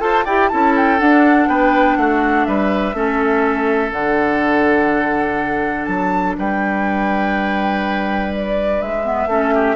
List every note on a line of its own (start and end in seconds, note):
0.00 0.24 F4
0.00 0.25 A4
0.00 0.25 C5
0.00 0.25 A5
0.25 0.51 E4
0.25 0.52 G4
0.25 0.49 D5
0.25 0.49 G5
0.49 1.01 C#4
0.49 0.99 E4
0.49 1.49 A4
0.49 0.73 A5
0.77 1.00 G5
0.99 2.94 D4
0.99 1.48 D4
0.99 1.48 F#5
1.48 1.97 B3
1.48 1.98 B4
1.48 1.97 G5
1.97 2.46 A3
1.97 2.47 F#4
1.97 2.45 F#5
2.45 2.94 G3
2.45 2.96 B4
2.45 3.91 E5
2.94 3.92 A3
2.94 3.91 C#4
2.94 6.37 A4
3.91 5.87 D3
3.91 9.03 D4
3.91 5.85 F#5
5.85 6.36 F#3
5.85 6.34 A5
6.38 8.82 G3
6.38 9.30 B4
6.38 8.34 G5
8.36 8.82 D5
8.82 9.27 G#3
8.82 9.76 E5
9.03 9.28 B3
9.27 9.75 A3
9.27 9.76 C#4
9.27 9.54 A4
9.54 9.76 G4